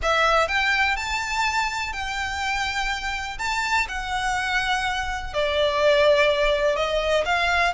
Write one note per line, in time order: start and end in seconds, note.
0.02 0.48 E5
0.48 0.96 G5
0.96 1.92 A5
1.92 3.38 G5
3.38 3.86 A5
3.88 5.33 F#5
5.33 6.75 D5
6.75 7.24 D#5
7.25 7.73 F5